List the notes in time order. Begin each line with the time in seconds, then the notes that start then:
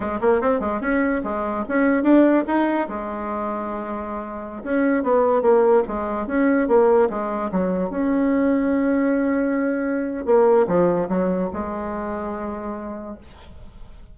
0.00 G#3
0.20 A#3
0.41 C4
0.60 G#3
0.81 C#4
1.23 G#3
1.68 C#4
2.03 D4
2.47 D#4
2.88 G#3
4.63 C#4
5.03 B3
5.42 A#3
5.87 G#3
6.27 C#4
6.68 A#3
7.09 G#3
7.51 F#3
7.90 C#4
10.25 A#3
10.67 F3
11.08 F#3
11.53 G#3